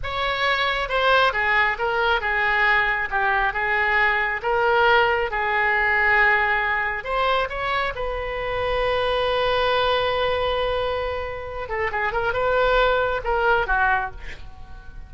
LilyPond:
\new Staff \with { instrumentName = "oboe" } { \time 4/4 \tempo 4 = 136 cis''2 c''4 gis'4 | ais'4 gis'2 g'4 | gis'2 ais'2 | gis'1 |
c''4 cis''4 b'2~ | b'1~ | b'2~ b'8 a'8 gis'8 ais'8 | b'2 ais'4 fis'4 | }